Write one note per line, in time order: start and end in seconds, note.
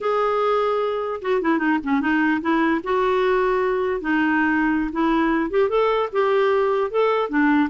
0.01 1.21 G#4
1.21 1.41 F#4
1.41 1.58 E4
1.58 1.78 D#4
1.83 2.01 C#4
2.01 2.41 D#4
2.41 2.81 E4
2.83 4.00 F#4
4.00 4.90 D#4
4.91 5.50 E4
5.50 5.69 G4
5.69 6.09 A4
6.12 6.91 G4
6.91 7.29 A4
7.29 7.69 D4